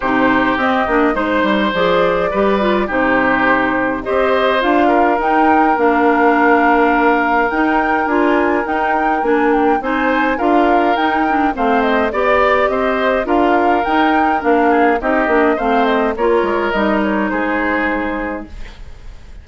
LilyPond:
<<
  \new Staff \with { instrumentName = "flute" } { \time 4/4 \tempo 4 = 104 c''4 dis''4 c''4 d''4~ | d''4 c''2 dis''4 | f''4 g''4 f''2~ | f''4 g''4 gis''4 g''4 |
gis''8 g''8 gis''4 f''4 g''4 | f''8 dis''8 d''4 dis''4 f''4 | g''4 f''4 dis''4 f''8 dis''8 | cis''4 dis''8 cis''8 c''2 | }
  \new Staff \with { instrumentName = "oboe" } { \time 4/4 g'2 c''2 | b'4 g'2 c''4~ | c''8 ais'2.~ ais'8~ | ais'1~ |
ais'4 c''4 ais'2 | c''4 d''4 c''4 ais'4~ | ais'4. gis'8 g'4 c''4 | ais'2 gis'2 | }
  \new Staff \with { instrumentName = "clarinet" } { \time 4/4 dis'4 c'8 d'8 dis'4 gis'4 | g'8 f'8 dis'2 g'4 | f'4 dis'4 d'2~ | d'4 dis'4 f'4 dis'4 |
d'4 dis'4 f'4 dis'8 d'8 | c'4 g'2 f'4 | dis'4 d'4 dis'8 d'8 c'4 | f'4 dis'2. | }
  \new Staff \with { instrumentName = "bassoon" } { \time 4/4 c4 c'8 ais8 gis8 g8 f4 | g4 c2 c'4 | d'4 dis'4 ais2~ | ais4 dis'4 d'4 dis'4 |
ais4 c'4 d'4 dis'4 | a4 b4 c'4 d'4 | dis'4 ais4 c'8 ais8 a4 | ais8 gis8 g4 gis2 | }
>>